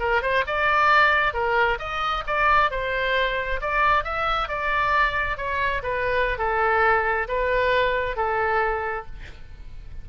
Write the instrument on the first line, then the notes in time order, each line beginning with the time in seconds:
oboe
0.00 A#4
0.22 C5
0.47 D5
1.34 A#4
1.79 D#5
2.27 D5
2.71 C5
3.61 D5
4.04 E5
4.49 D5
5.38 C#5
5.83 B4
6.38 A4
7.28 B4
8.17 A4